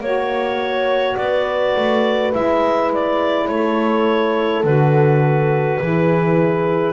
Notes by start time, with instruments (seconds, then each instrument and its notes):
0.00 double bass A#3, saxophone F#4, clarinet C#5, horn C#5
1.16 double bass B3, horn B4, clarinet D5
1.76 double bass A3
2.33 double bass G#3, saxophone E4, clarinet E5
2.93 clarinet D5
3.47 double bass A3, horn A4, clarinet C#5
4.63 double bass D3, saxophone F#4, clarinet B4
5.80 double bass E3, saxophone E4, horn G#4